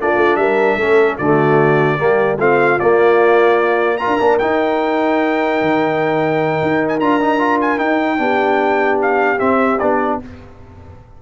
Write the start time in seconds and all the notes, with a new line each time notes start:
0.00 A#3 D4 F4 D5
0.16 A3
0.36 G3 A#4 E5
0.76 A3 C#4 A4
1.18 D3 A3 F#4 D5
1.98 G3 A#3 G4
2.37 A3 C4 F4 F5
2.79 A#3 D5
3.97 F4 A#4 A#5
4.07 D4
4.20 A#3 D4
4.38 D#4 G5
5.61 D#3
6.61 D#4
6.88 G#5
6.99 D4 F4 A#5
7.21 D#4
7.39 F4
7.61 G#5
7.77 D#4 G5
8.17 B3 D4 G4
9.02 F5
9.38 C4 E5
9.79 B3 D4 D5